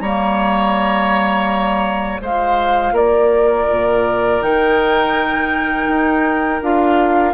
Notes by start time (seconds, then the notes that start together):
0.00 G3 A#3 C#5 A#5
2.21 G#3 F4 C5 F5
2.92 A#3 A#4 D5
3.71 A#2
4.42 D#3 D#4 G5
5.87 D#4
6.62 D4 F4 F5